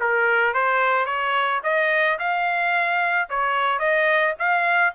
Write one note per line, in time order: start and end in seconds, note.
0.00 0.54 A#4
0.54 1.06 C5
1.06 1.61 C#5
1.63 2.18 D#5
2.19 3.29 F5
3.29 3.79 C#5
3.79 4.34 D#5
4.39 4.94 F5